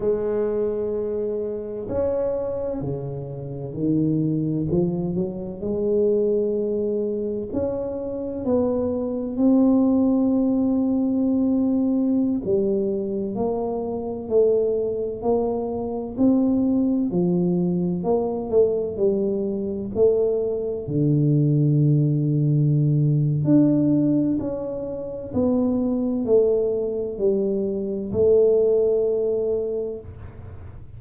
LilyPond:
\new Staff \with { instrumentName = "tuba" } { \time 4/4 \tempo 4 = 64 gis2 cis'4 cis4 | dis4 f8 fis8 gis2 | cis'4 b4 c'2~ | c'4~ c'16 g4 ais4 a8.~ |
a16 ais4 c'4 f4 ais8 a16~ | a16 g4 a4 d4.~ d16~ | d4 d'4 cis'4 b4 | a4 g4 a2 | }